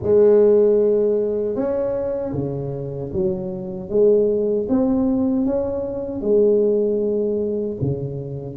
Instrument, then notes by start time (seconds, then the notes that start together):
tuba
0.02 G#3
1.55 C#4
2.32 C#3
3.12 F#3
3.89 G#3
4.68 C4
5.45 C#4
6.21 G#3
7.81 C#3